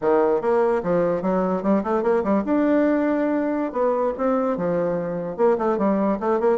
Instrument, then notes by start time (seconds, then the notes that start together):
bassoon
0.01 D#3
0.41 A#3
0.83 F3
1.22 F#3
1.63 G3
1.83 A3
2.03 A#3
2.23 G3
2.44 D4
3.72 B3
4.17 C4
4.57 F3
5.37 A#3
5.57 A3
5.78 G3
6.20 A3
6.40 A#3